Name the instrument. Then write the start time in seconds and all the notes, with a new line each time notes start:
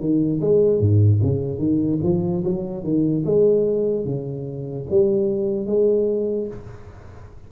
tuba
0.00 D#3
0.41 G#3
0.80 G#2
1.22 C#3
1.58 D#3
2.03 F3
2.44 F#3
2.83 D#3
3.25 G#3
4.05 C#3
4.90 G3
5.66 G#3